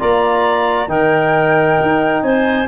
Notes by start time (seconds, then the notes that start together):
0.00 A#3 F4 D5 A#5
0.88 D#3 D#4 A#4 G5
1.82 D#4
2.23 C4 C5 G#5